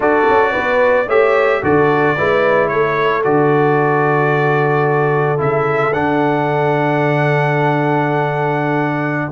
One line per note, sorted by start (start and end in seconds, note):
0.00 0.26 D4
0.00 1.06 F#4
0.00 0.51 A4
0.00 1.09 D5
0.28 0.55 C#4
0.51 1.07 B3
0.51 1.05 B4
1.06 1.61 A3
1.06 1.62 G4
1.06 1.60 C#5
1.06 1.63 E5
1.62 2.17 D3
1.62 2.16 F#4
1.62 2.16 A4
1.62 2.68 D5
2.16 2.72 G#3
2.16 3.23 E4
2.16 2.70 B4
2.68 3.25 A3
2.68 9.32 A4
2.68 3.22 C#5
3.23 5.40 D3
3.23 5.37 F#4
3.23 5.40 D5
5.37 5.93 C#3
5.37 5.91 E4
5.37 5.93 E5
5.93 9.31 D3
5.93 9.31 D4
5.93 9.31 F#5